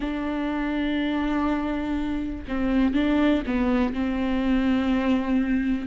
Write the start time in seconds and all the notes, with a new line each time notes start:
0.00 D4
2.48 C4
2.94 D4
3.46 B3
3.93 C4